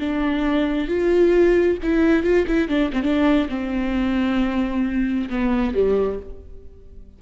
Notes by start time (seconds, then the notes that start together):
0.00 D4
0.88 F4
1.83 E4
2.24 F4
2.48 E4
2.69 D4
2.93 C4
3.03 D4
3.49 C4
5.30 B3
5.75 G3